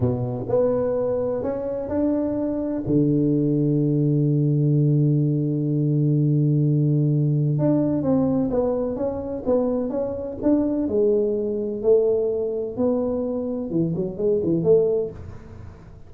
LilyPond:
\new Staff \with { instrumentName = "tuba" } { \time 4/4 \tempo 4 = 127 b,4 b2 cis'4 | d'2 d2~ | d1~ | d1 |
d'4 c'4 b4 cis'4 | b4 cis'4 d'4 gis4~ | gis4 a2 b4~ | b4 e8 fis8 gis8 e8 a4 | }